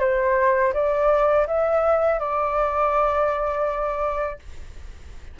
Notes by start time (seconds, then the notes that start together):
0.00 C5
0.74 D5
1.47 E5
2.20 D5